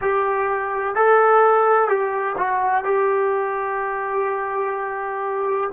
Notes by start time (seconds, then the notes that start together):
0.01 G4
0.95 A4
1.88 G4
2.37 F#4
2.84 G4